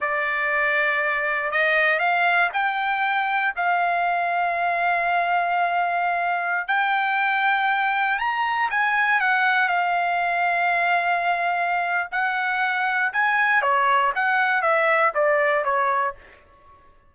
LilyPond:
\new Staff \with { instrumentName = "trumpet" } { \time 4/4 \tempo 4 = 119 d''2. dis''4 | f''4 g''2 f''4~ | f''1~ | f''4~ f''16 g''2~ g''8.~ |
g''16 ais''4 gis''4 fis''4 f''8.~ | f''1 | fis''2 gis''4 cis''4 | fis''4 e''4 d''4 cis''4 | }